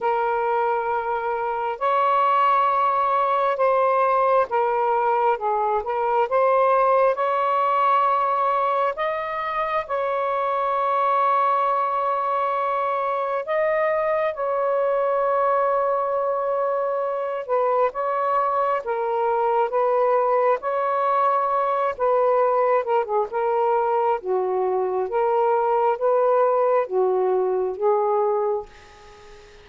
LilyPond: \new Staff \with { instrumentName = "saxophone" } { \time 4/4 \tempo 4 = 67 ais'2 cis''2 | c''4 ais'4 gis'8 ais'8 c''4 | cis''2 dis''4 cis''4~ | cis''2. dis''4 |
cis''2.~ cis''8 b'8 | cis''4 ais'4 b'4 cis''4~ | cis''8 b'4 ais'16 gis'16 ais'4 fis'4 | ais'4 b'4 fis'4 gis'4 | }